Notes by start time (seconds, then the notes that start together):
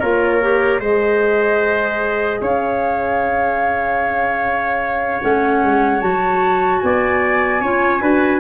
0.00 A#3 F4 A#4 C#5
0.42 G4
0.80 G#3 G#4 C5 D#5
2.41 C#4 C#5 F5
5.21 A3 C#4 F#5
5.64 G#3
6.01 F#3 F#4 A5
6.81 B3 D5 G#5
7.61 C#4 F4 C#5
8.01 D4 F#4 B4